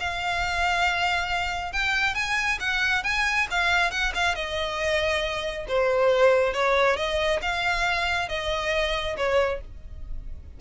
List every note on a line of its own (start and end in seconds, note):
0.00 1.73 F5
1.73 2.15 G5
2.15 2.59 G#5
2.60 3.04 F#5
3.04 3.47 G#5
3.51 3.91 F5
3.91 4.13 F#5
4.15 4.35 F5
4.35 5.66 D#5
5.68 6.54 C5
6.54 6.97 C#5
6.97 7.40 D#5
7.42 8.29 F5
8.29 9.16 D#5
9.17 9.61 C#5